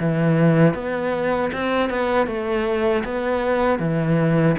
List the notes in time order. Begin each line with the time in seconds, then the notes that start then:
0.00 E3
0.74 B3
1.53 C4
1.90 B3
2.27 A3
3.05 B3
3.80 E3